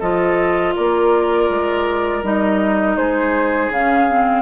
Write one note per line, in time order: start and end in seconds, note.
0.00 0.75 F3
0.00 2.24 F4
0.00 0.74 A4
0.00 0.75 D#5
0.76 1.50 A#3
0.76 2.98 A#4
0.76 2.25 D5
1.50 2.23 G#3
2.23 2.97 G3
2.23 3.72 D#4
2.23 2.97 D#5
2.97 3.69 G#3
2.97 4.42 G#4
2.97 3.71 C5
3.69 4.42 C#3
3.69 4.09 C#4
3.69 4.42 F5
4.09 4.42 C4